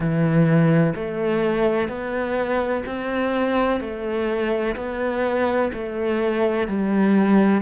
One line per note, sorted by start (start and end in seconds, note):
0.00 0.93 E3
0.95 1.88 A3
1.88 2.83 B3
2.86 3.80 C4
3.80 4.75 A3
4.76 5.71 B3
5.73 6.67 A3
6.67 7.61 G3